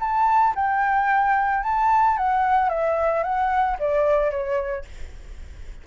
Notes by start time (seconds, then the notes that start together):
0.00 A5
0.55 G5
1.63 A5
2.17 F#5
2.69 E5
3.23 F#5
3.79 D5
4.31 C#5